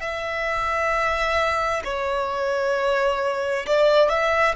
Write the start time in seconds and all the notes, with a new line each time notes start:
0.00 E5
1.84 C#5
3.66 D5
4.09 E5